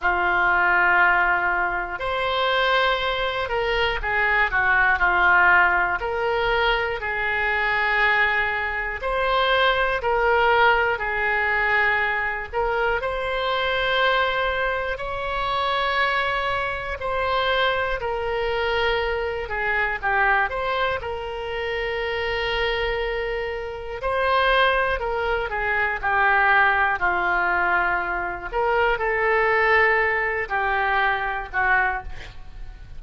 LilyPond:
\new Staff \with { instrumentName = "oboe" } { \time 4/4 \tempo 4 = 60 f'2 c''4. ais'8 | gis'8 fis'8 f'4 ais'4 gis'4~ | gis'4 c''4 ais'4 gis'4~ | gis'8 ais'8 c''2 cis''4~ |
cis''4 c''4 ais'4. gis'8 | g'8 c''8 ais'2. | c''4 ais'8 gis'8 g'4 f'4~ | f'8 ais'8 a'4. g'4 fis'8 | }